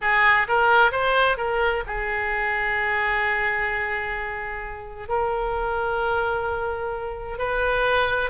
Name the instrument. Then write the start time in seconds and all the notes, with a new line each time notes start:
oboe
0.01 G#4
0.48 A#4
0.91 C5
1.37 A#4
1.87 G#4
5.08 A#4
7.38 B4